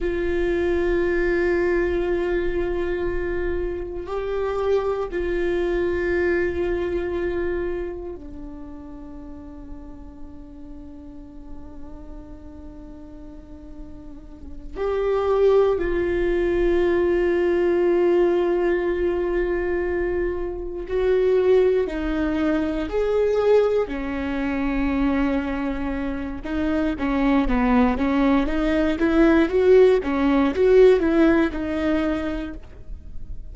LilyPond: \new Staff \with { instrumentName = "viola" } { \time 4/4 \tempo 4 = 59 f'1 | g'4 f'2. | d'1~ | d'2~ d'8 g'4 f'8~ |
f'1~ | f'8 fis'4 dis'4 gis'4 cis'8~ | cis'2 dis'8 cis'8 b8 cis'8 | dis'8 e'8 fis'8 cis'8 fis'8 e'8 dis'4 | }